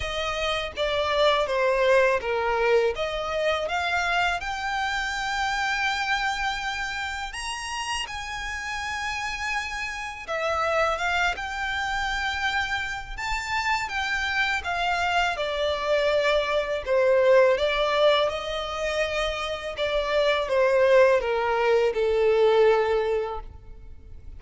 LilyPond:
\new Staff \with { instrumentName = "violin" } { \time 4/4 \tempo 4 = 82 dis''4 d''4 c''4 ais'4 | dis''4 f''4 g''2~ | g''2 ais''4 gis''4~ | gis''2 e''4 f''8 g''8~ |
g''2 a''4 g''4 | f''4 d''2 c''4 | d''4 dis''2 d''4 | c''4 ais'4 a'2 | }